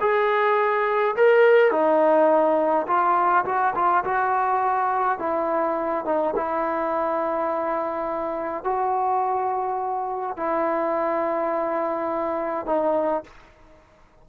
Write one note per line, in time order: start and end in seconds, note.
0.00 1.15 G#4
1.15 1.71 A#4
1.71 2.86 D#4
2.87 3.44 F4
3.45 3.74 F#4
3.75 4.04 F4
4.04 5.18 F#4
5.18 6.05 E4
6.05 6.34 D#4
6.36 8.64 E4
8.64 10.36 F#4
10.36 12.66 E4
12.66 13.23 D#4